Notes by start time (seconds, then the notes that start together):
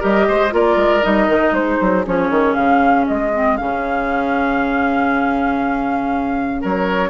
0.00 G3 G4 A#4 D#5
0.28 G#3 C5
0.50 A#3 F4 A#4 D5
0.77 G#3
1.02 G3 D#4 D#5
1.28 D#3
1.51 G#3 G#4 C5
1.81 F#3
2.05 F3 C#4 C#5
2.30 D#3
2.54 C#3 F5
3.07 G#3 D#5
3.33 C4
3.57 C#3 C#4 F5
6.61 F#3 A#4 C#5